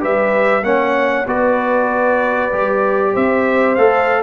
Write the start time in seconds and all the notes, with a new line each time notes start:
0.00 G3 G4 B4 E5
0.63 A#3 C#4 C#5 F#5
1.27 B3 F#4 B4 D5
2.52 G3 G4
3.13 C4 C5 E5
3.75 A3 A4 F5